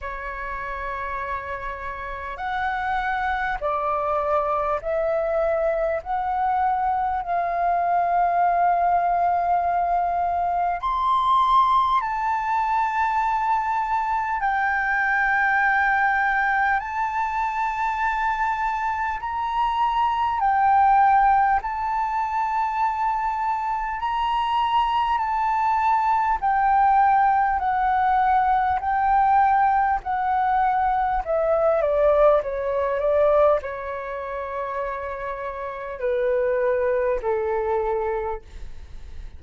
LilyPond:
\new Staff \with { instrumentName = "flute" } { \time 4/4 \tempo 4 = 50 cis''2 fis''4 d''4 | e''4 fis''4 f''2~ | f''4 c'''4 a''2 | g''2 a''2 |
ais''4 g''4 a''2 | ais''4 a''4 g''4 fis''4 | g''4 fis''4 e''8 d''8 cis''8 d''8 | cis''2 b'4 a'4 | }